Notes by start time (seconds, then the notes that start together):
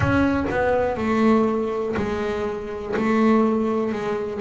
0.00 C#4
0.50 B3
0.97 A3
1.96 G#3
2.96 A3
3.92 G#3